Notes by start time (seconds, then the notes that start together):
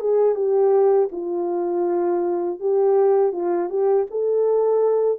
0.00 G#4
0.35 G4
1.11 F4
2.59 G4
3.32 F4
3.69 G4
4.10 A4